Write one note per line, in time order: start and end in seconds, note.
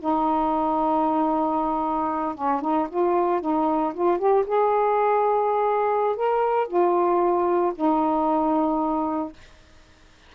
0.00 2.35 D#4
2.35 2.61 C#4
2.62 2.88 D#4
2.90 3.41 F4
3.41 3.94 D#4
3.94 4.19 F4
4.19 4.45 G4
4.47 6.17 G#4
6.17 6.68 A#4
6.68 7.73 F4
7.75 9.33 D#4